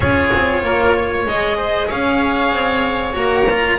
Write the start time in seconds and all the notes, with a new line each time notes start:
0.00 C#4 F4 G#4 C#5
0.33 C4
0.62 A#3 A#4
0.96 C#5
1.25 G#3 G#4 D#5
1.57 C5
1.87 C#4 C#5 F5
2.51 C4
3.13 A#3 F#4 A#5
3.50 F4